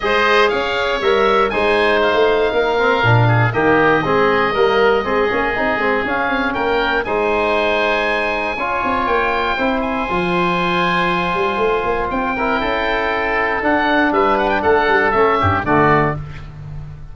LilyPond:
<<
  \new Staff \with { instrumentName = "oboe" } { \time 4/4 \tempo 4 = 119 dis''4 f''4 e''4 gis''4 | f''2. dis''4~ | dis''1 | f''4 g''4 gis''2~ |
gis''2 g''4. gis''8~ | gis''1 | g''2. fis''4 | e''8 fis''16 g''16 fis''4 e''4 d''4 | }
  \new Staff \with { instrumentName = "oboe" } { \time 4/4 c''4 cis''2 c''4~ | c''4 ais'4. gis'8 g'4 | gis'4 ais'4 gis'2~ | gis'4 ais'4 c''2~ |
c''4 cis''2 c''4~ | c''1~ | c''8 ais'8 a'2. | b'4 a'4. g'8 fis'4 | }
  \new Staff \with { instrumentName = "trombone" } { \time 4/4 gis'2 ais'4 dis'4~ | dis'4. c'8 d'4 ais4 | c'4 ais4 c'8 cis'8 dis'8 c'8 | cis'2 dis'2~ |
dis'4 f'2 e'4 | f'1~ | f'8 e'2~ e'8 d'4~ | d'2 cis'4 a4 | }
  \new Staff \with { instrumentName = "tuba" } { \time 4/4 gis4 cis'4 g4 gis4~ | gis16 a8. ais4 ais,4 dis4 | gis4 g4 gis8 ais8 c'8 gis8 | cis'8 c'8 ais4 gis2~ |
gis4 cis'8 c'8 ais4 c'4 | f2~ f8 g8 a8 ais8 | c'4 cis'2 d'4 | g4 a8 g8 a8 g,8 d4 | }
>>